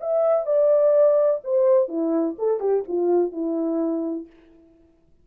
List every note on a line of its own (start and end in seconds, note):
0.00 0.46 E5
0.46 1.40 D5
1.44 1.88 C5
1.88 2.36 E4
2.38 2.60 A4
2.60 2.83 G4
2.88 3.32 F4
3.32 4.26 E4